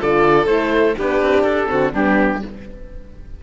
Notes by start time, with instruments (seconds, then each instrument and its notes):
0.00 cello D3, horn F4, violin A4, oboe D5
0.46 cello A3, horn E4, oboe C5
0.96 cello B3, horn D4, violin G4, oboe B4
1.22 cello C4
1.43 cello D4, oboe A4
1.67 cello D3, horn C4, violin F#4
1.92 cello G3, horn B3, violin D4, oboe G4